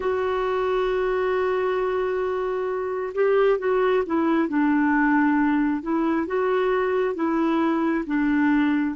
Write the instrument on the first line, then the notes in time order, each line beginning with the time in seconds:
clarinet
0.00 F#4
3.14 G4
3.58 F#4
4.06 E4
4.48 D4
5.82 E4
6.26 F#4
7.14 E4
8.06 D4